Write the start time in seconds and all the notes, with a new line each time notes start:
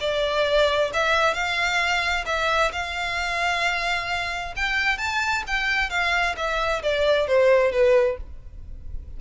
0.00 D5
0.93 E5
1.34 F5
2.26 E5
2.72 F5
4.56 G5
4.98 A5
5.47 G5
5.90 F5
6.37 E5
6.83 D5
7.27 C5
7.71 B4